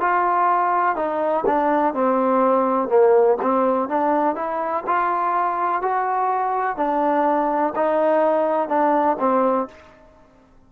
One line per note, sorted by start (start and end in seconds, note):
0.00 0.95 F4
0.95 1.44 D#4
1.46 1.94 D4
1.94 2.88 C4
2.88 3.37 A#3
3.41 3.88 C4
3.88 4.35 D4
4.35 4.83 E4
4.86 5.82 F4
5.82 6.76 F#4
6.76 7.73 D4
7.75 8.68 D#4
8.68 9.17 D4
9.19 9.68 C4